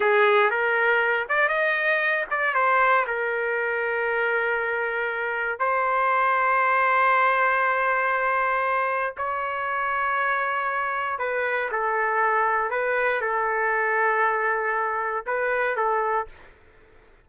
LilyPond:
\new Staff \with { instrumentName = "trumpet" } { \time 4/4 \tempo 4 = 118 gis'4 ais'4. d''8 dis''4~ | dis''8 d''8 c''4 ais'2~ | ais'2. c''4~ | c''1~ |
c''2 cis''2~ | cis''2 b'4 a'4~ | a'4 b'4 a'2~ | a'2 b'4 a'4 | }